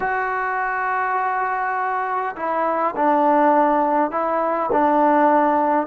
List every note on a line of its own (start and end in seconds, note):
0.00 2.35 F#4
2.36 2.94 E4
2.96 4.11 D4
4.11 4.70 E4
4.71 5.87 D4